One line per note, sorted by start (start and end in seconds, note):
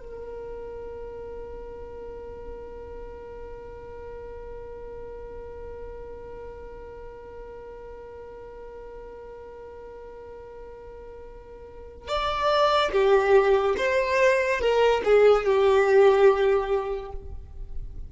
0.00 12.08 A#4
12.08 12.92 D5
12.92 13.75 G4
13.77 14.61 C5
14.61 15.02 A#4
15.05 15.45 G#4
15.45 17.12 G4